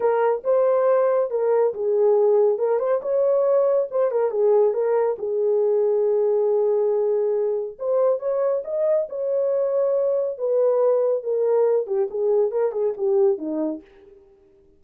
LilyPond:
\new Staff \with { instrumentName = "horn" } { \time 4/4 \tempo 4 = 139 ais'4 c''2 ais'4 | gis'2 ais'8 c''8 cis''4~ | cis''4 c''8 ais'8 gis'4 ais'4 | gis'1~ |
gis'2 c''4 cis''4 | dis''4 cis''2. | b'2 ais'4. g'8 | gis'4 ais'8 gis'8 g'4 dis'4 | }